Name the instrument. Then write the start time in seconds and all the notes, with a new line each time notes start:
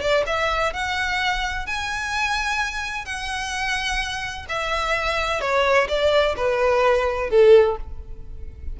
violin
0.00 D5
0.26 E5
0.73 F#5
1.66 G#5
3.05 F#5
4.48 E5
5.40 C#5
5.88 D5
6.36 B4
7.29 A4